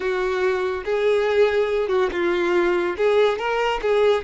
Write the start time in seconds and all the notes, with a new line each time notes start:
0.00 F#4
0.85 G#4
1.88 F#4
2.12 F4
2.97 G#4
3.38 A#4
3.82 G#4